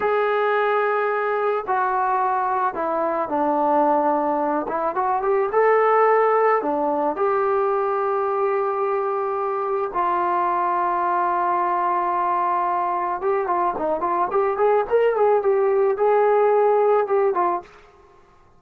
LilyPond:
\new Staff \with { instrumentName = "trombone" } { \time 4/4 \tempo 4 = 109 gis'2. fis'4~ | fis'4 e'4 d'2~ | d'8 e'8 fis'8 g'8 a'2 | d'4 g'2.~ |
g'2 f'2~ | f'1 | g'8 f'8 dis'8 f'8 g'8 gis'8 ais'8 gis'8 | g'4 gis'2 g'8 f'8 | }